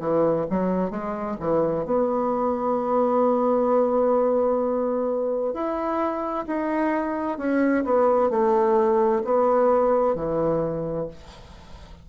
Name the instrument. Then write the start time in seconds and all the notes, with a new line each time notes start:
bassoon
0.00 E3
0.50 F#3
0.90 G#3
1.40 E3
1.85 B3
5.53 E4
6.47 D#4
7.38 C#4
7.84 B3
8.30 A3
9.24 B3
10.15 E3